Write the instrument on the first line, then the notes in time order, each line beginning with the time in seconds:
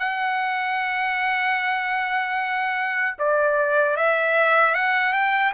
trumpet
0.00 F#5
3.19 D5
3.97 E5
4.75 F#5
5.14 G5